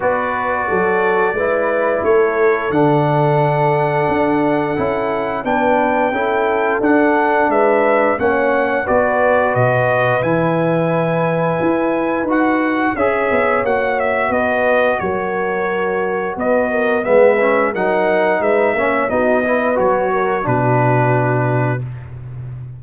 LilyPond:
<<
  \new Staff \with { instrumentName = "trumpet" } { \time 4/4 \tempo 4 = 88 d''2. cis''4 | fis''1 | g''2 fis''4 e''4 | fis''4 d''4 dis''4 gis''4~ |
gis''2 fis''4 e''4 | fis''8 e''8 dis''4 cis''2 | dis''4 e''4 fis''4 e''4 | dis''4 cis''4 b'2 | }
  \new Staff \with { instrumentName = "horn" } { \time 4/4 b'4 a'4 b'4 a'4~ | a'1 | b'4 a'2 b'4 | cis''4 b'2.~ |
b'2. cis''4~ | cis''4 b'4 ais'2 | b'8 ais'8 b'4 ais'4 b'8 cis''8 | fis'8 b'4 ais'8 fis'2 | }
  \new Staff \with { instrumentName = "trombone" } { \time 4/4 fis'2 e'2 | d'2. e'4 | d'4 e'4 d'2 | cis'4 fis'2 e'4~ |
e'2 fis'4 gis'4 | fis'1~ | fis'4 b8 cis'8 dis'4. cis'8 | dis'8 e'8 fis'4 d'2 | }
  \new Staff \with { instrumentName = "tuba" } { \time 4/4 b4 fis4 gis4 a4 | d2 d'4 cis'4 | b4 cis'4 d'4 gis4 | ais4 b4 b,4 e4~ |
e4 e'4 dis'4 cis'8 b8 | ais4 b4 fis2 | b4 gis4 fis4 gis8 ais8 | b4 fis4 b,2 | }
>>